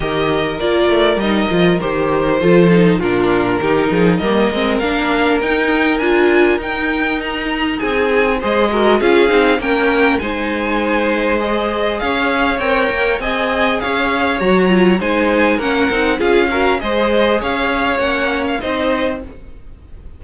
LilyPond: <<
  \new Staff \with { instrumentName = "violin" } { \time 4/4 \tempo 4 = 100 dis''4 d''4 dis''4 c''4~ | c''4 ais'2 dis''4 | f''4 g''4 gis''4 g''4 | ais''4 gis''4 dis''4 f''4 |
g''4 gis''2 dis''4 | f''4 g''4 gis''4 f''4 | ais''4 gis''4 fis''4 f''4 | dis''4 f''4 fis''8. f''16 dis''4 | }
  \new Staff \with { instrumentName = "violin" } { \time 4/4 ais'1 | a'4 f'4 g'8 gis'8 ais'4~ | ais'1~ | ais'4 gis'4 c''8 ais'8 gis'4 |
ais'4 c''2. | cis''2 dis''4 cis''4~ | cis''4 c''4 ais'4 gis'8 ais'8 | c''4 cis''2 c''4 | }
  \new Staff \with { instrumentName = "viola" } { \time 4/4 g'4 f'4 dis'8 f'8 g'4 | f'8 dis'8 d'4 dis'4 ais8 c'8 | d'4 dis'4 f'4 dis'4~ | dis'2 gis'8 fis'8 f'8 dis'8 |
cis'4 dis'2 gis'4~ | gis'4 ais'4 gis'2 | fis'8 f'8 dis'4 cis'8 dis'8 f'8 fis'8 | gis'2 cis'4 dis'4 | }
  \new Staff \with { instrumentName = "cello" } { \time 4/4 dis4 ais8 a8 g8 f8 dis4 | f4 ais,4 dis8 f8 g8 gis8 | ais4 dis'4 d'4 dis'4~ | dis'4 c'4 gis4 cis'8 c'8 |
ais4 gis2. | cis'4 c'8 ais8 c'4 cis'4 | fis4 gis4 ais8 c'8 cis'4 | gis4 cis'4 ais4 c'4 | }
>>